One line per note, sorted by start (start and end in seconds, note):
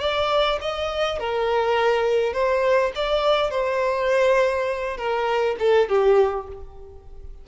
0.00 0.59 D5
0.61 1.19 D#5
1.19 2.33 A#4
2.33 2.92 C5
2.95 3.50 D5
3.50 4.97 C5
4.97 5.56 A#4
5.59 5.89 A4
5.89 6.48 G4